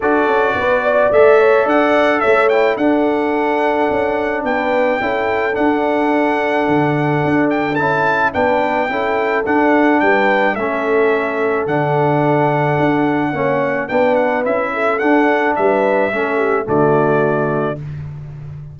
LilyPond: <<
  \new Staff \with { instrumentName = "trumpet" } { \time 4/4 \tempo 4 = 108 d''2 e''4 fis''4 | e''8 g''8 fis''2. | g''2 fis''2~ | fis''4. g''8 a''4 g''4~ |
g''4 fis''4 g''4 e''4~ | e''4 fis''2.~ | fis''4 g''8 fis''8 e''4 fis''4 | e''2 d''2 | }
  \new Staff \with { instrumentName = "horn" } { \time 4/4 a'4 b'8 d''4 cis''8 d''4 | cis''4 a'2. | b'4 a'2.~ | a'2. b'4 |
a'2 b'4 a'4~ | a'1 | cis''4 b'4. a'4. | b'4 a'8 g'8 fis'2 | }
  \new Staff \with { instrumentName = "trombone" } { \time 4/4 fis'2 a'2~ | a'8 e'8 d'2.~ | d'4 e'4 d'2~ | d'2 e'4 d'4 |
e'4 d'2 cis'4~ | cis'4 d'2. | cis'4 d'4 e'4 d'4~ | d'4 cis'4 a2 | }
  \new Staff \with { instrumentName = "tuba" } { \time 4/4 d'8 cis'8 b4 a4 d'4 | a4 d'2 cis'4 | b4 cis'4 d'2 | d4 d'4 cis'4 b4 |
cis'4 d'4 g4 a4~ | a4 d2 d'4 | ais4 b4 cis'4 d'4 | g4 a4 d2 | }
>>